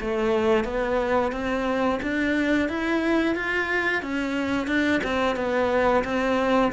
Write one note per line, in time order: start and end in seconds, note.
0.00 0.64 A3
0.64 1.31 B3
1.32 1.99 C4
2.02 2.68 D4
2.68 3.35 E4
3.35 4.02 F4
4.02 4.67 C#4
4.67 5.01 D4
5.03 5.36 C4
5.36 6.03 B3
6.04 6.71 C4